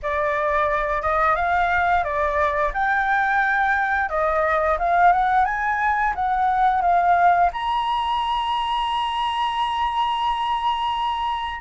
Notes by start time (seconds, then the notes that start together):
0.02 D5
1.01 D#5
1.35 F5
2.03 D5
2.73 G5
4.09 D#5
4.79 F5
5.12 F#5
5.45 G#5
6.15 F#5
6.81 F5
7.52 A#5